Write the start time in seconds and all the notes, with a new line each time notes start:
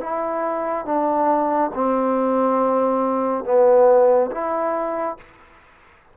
0.00 E4
0.85 D4
1.74 C4
3.44 B3
4.31 E4